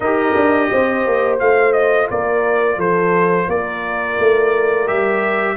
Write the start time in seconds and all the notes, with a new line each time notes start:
0.00 D#4 G4 A#4 D#5
0.35 D4
0.71 C4 C5
1.06 A#3
1.39 A3 F4 F5
1.72 D#5
2.10 A#3 A#4 D5
2.76 F3 A4 C5
3.48 A#3 A#4 D5
4.19 A3
4.86 G3 G4 E5